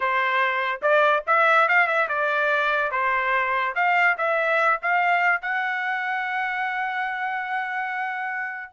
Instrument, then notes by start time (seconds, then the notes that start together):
trumpet
0.00 C5
0.82 D5
1.26 E5
1.68 F5
1.87 E5
2.08 D5
2.91 C5
3.75 F5
4.17 E5
4.82 F5
5.41 F#5